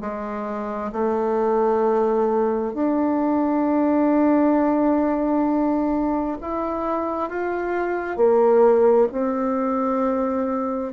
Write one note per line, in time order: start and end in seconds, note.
0.00 0.91 G#3
0.92 2.74 A3
2.74 6.37 D4
6.41 7.29 E4
7.29 8.17 F4
8.17 9.07 A#3
9.12 10.92 C4